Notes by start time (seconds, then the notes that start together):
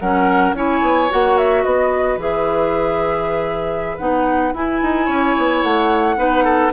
0.00 F#3 C#4 A#4 F#5
0.53 C#4 E4 C#5 G#5
0.82 B3
1.10 A#3 F#4 F#5
1.38 E5
1.64 B3 B4 D#5
2.17 E3 G#4 E5
3.98 B3 D#4 F#5
4.54 E4 G#5
4.83 D#4
5.06 C#4 C#5
5.38 B3
5.63 A3 F#5
6.17 B3 D#4 B4
6.45 A4